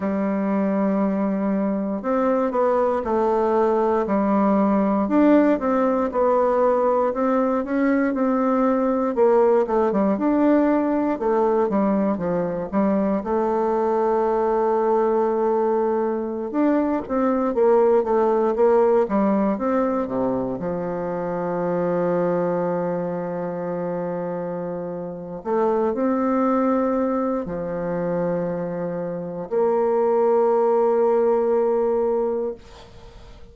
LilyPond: \new Staff \with { instrumentName = "bassoon" } { \time 4/4 \tempo 4 = 59 g2 c'8 b8 a4 | g4 d'8 c'8 b4 c'8 cis'8 | c'4 ais8 a16 g16 d'4 a8 g8 | f8 g8 a2.~ |
a16 d'8 c'8 ais8 a8 ais8 g8 c'8 c16~ | c16 f2.~ f8.~ | f4 a8 c'4. f4~ | f4 ais2. | }